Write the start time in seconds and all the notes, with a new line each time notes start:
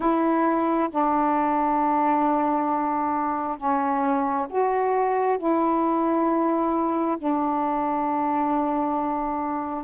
0.00 E4
0.90 D4
3.57 C#4
4.49 F#4
5.38 E4
7.18 D4